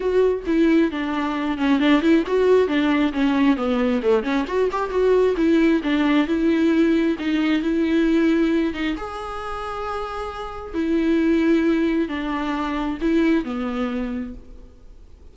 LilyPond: \new Staff \with { instrumentName = "viola" } { \time 4/4 \tempo 4 = 134 fis'4 e'4 d'4. cis'8 | d'8 e'8 fis'4 d'4 cis'4 | b4 a8 cis'8 fis'8 g'8 fis'4 | e'4 d'4 e'2 |
dis'4 e'2~ e'8 dis'8 | gis'1 | e'2. d'4~ | d'4 e'4 b2 | }